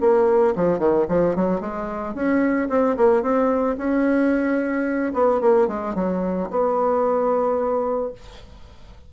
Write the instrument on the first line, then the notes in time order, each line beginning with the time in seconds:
bassoon
0.00 A#3
0.56 F3
0.79 D#3
1.08 F3
1.35 F#3
1.60 G#3
2.14 C#4
2.69 C4
2.96 A#3
3.22 C4
3.77 C#4
5.14 B3
5.40 A#3
5.67 G#3
5.95 F#3
6.50 B3